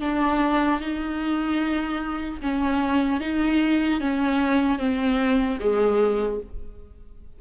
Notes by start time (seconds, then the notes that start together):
0.00 D4
0.80 D#4
2.41 C#4
3.20 D#4
4.00 C#4
4.78 C4
5.60 G#3